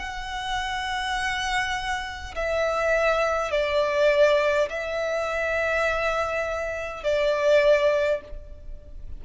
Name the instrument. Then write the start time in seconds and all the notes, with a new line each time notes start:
violin
0.00 F#5
2.35 E5
3.51 D5
4.70 E5
7.04 D5